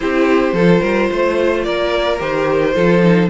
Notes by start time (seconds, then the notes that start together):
0.00 C4 E4 G4 C5
0.52 F3 A4
0.58 F4
0.81 G3 A#4
1.11 A3 C5
1.63 A#3 A#4 D5
2.18 D#3 G4 C5
2.74 F3 F4 A4
3.02 D#4